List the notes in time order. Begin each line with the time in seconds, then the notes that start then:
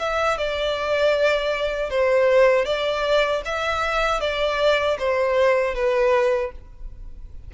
0.00 E5
0.38 D5
1.91 C5
2.66 D5
3.45 E5
4.21 D5
4.99 C5
5.75 B4